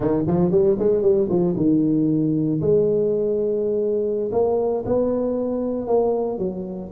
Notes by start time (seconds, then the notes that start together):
0.00 D#3
0.27 F3
0.51 G3
0.78 G#3
1.02 G3
1.29 F3
1.56 D#3
2.61 G#3
4.31 A#3
4.85 B3
5.87 A#3
6.38 F#3